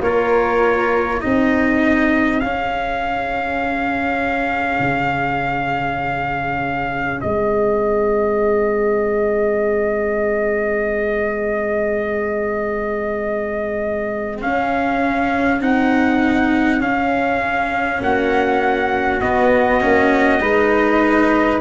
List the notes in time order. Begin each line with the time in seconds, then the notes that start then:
0.00 A#3 F4 A#4 C#5
1.21 C4 D#4 G#4 D#5
2.40 C#4 F5
4.79 C#3
7.20 G#3 C4 D#5
14.41 C#4 F5
15.60 C4 D#4 F#5
16.80 C#4 F5
18.00 A#3 F#4 F#5
19.21 B3 D#5
19.80 A#3 C#4
20.40 G#3 D#4 B4